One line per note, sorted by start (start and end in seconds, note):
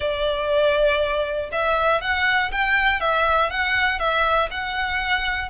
0.00 1.50 D5
1.52 2.01 E5
2.01 2.51 F#5
2.51 3.00 G5
3.00 3.50 E5
3.50 3.99 F#5
3.99 4.49 E5
4.50 5.49 F#5